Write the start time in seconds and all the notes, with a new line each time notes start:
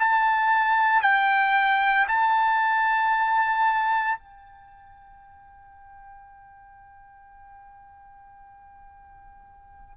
0.00 A5
1.02 G5
2.08 A5
4.19 G5